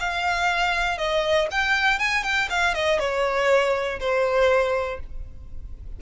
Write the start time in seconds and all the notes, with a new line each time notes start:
0.00 F5
0.98 D#5
1.51 G5
1.99 G#5
2.24 G5
2.50 F5
2.75 D#5
3.00 C#5
4.00 C5